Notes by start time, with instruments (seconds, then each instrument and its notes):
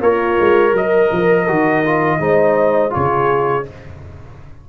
0.00 tuba A#3, horn F4, trombone A#4, trumpet C#5
0.40 tuba G#3
0.72 tuba F#3, horn A#4, trumpet D#5
1.12 tuba F3
1.48 tuba D#3, trombone F#4
1.85 trombone F4
2.20 tuba G#3, trombone D#4, horn C5
2.90 trombone F4, horn G#4, trumpet C#5
2.96 tuba C#3